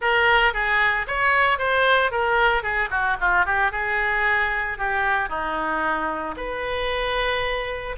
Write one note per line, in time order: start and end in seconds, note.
0.01 0.53 A#4
0.53 1.06 G#4
1.07 1.58 C#5
1.58 2.11 C5
2.11 2.62 A#4
2.62 2.89 G#4
2.90 3.17 F#4
3.20 3.45 F4
3.45 3.71 G4
3.71 4.78 G#4
4.78 5.29 G4
5.29 6.35 D#4
6.36 7.96 B4